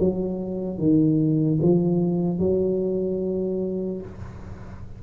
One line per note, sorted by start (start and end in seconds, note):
0.00 0.79 F#3
0.79 1.60 D#3
1.63 2.40 F3
2.40 4.02 F#3